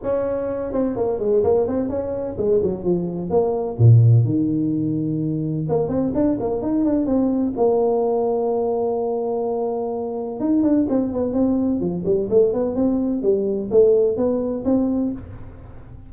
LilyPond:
\new Staff \with { instrumentName = "tuba" } { \time 4/4 \tempo 4 = 127 cis'4. c'8 ais8 gis8 ais8 c'8 | cis'4 gis8 fis8 f4 ais4 | ais,4 dis2. | ais8 c'8 d'8 ais8 dis'8 d'8 c'4 |
ais1~ | ais2 dis'8 d'8 c'8 b8 | c'4 f8 g8 a8 b8 c'4 | g4 a4 b4 c'4 | }